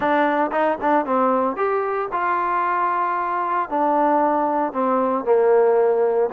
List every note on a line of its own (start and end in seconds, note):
0.00 0.50 D4
0.51 0.78 D#4
0.81 1.05 D4
1.05 1.56 C4
1.56 2.09 G4
2.11 3.69 F4
3.69 4.72 D4
4.72 5.24 C4
5.24 6.30 A#3